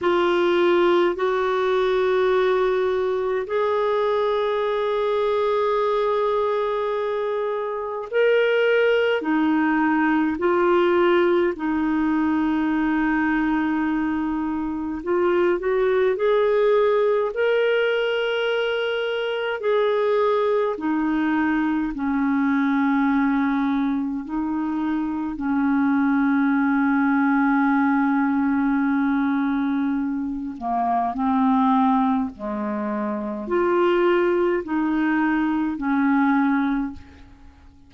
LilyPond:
\new Staff \with { instrumentName = "clarinet" } { \time 4/4 \tempo 4 = 52 f'4 fis'2 gis'4~ | gis'2. ais'4 | dis'4 f'4 dis'2~ | dis'4 f'8 fis'8 gis'4 ais'4~ |
ais'4 gis'4 dis'4 cis'4~ | cis'4 dis'4 cis'2~ | cis'2~ cis'8 ais8 c'4 | gis4 f'4 dis'4 cis'4 | }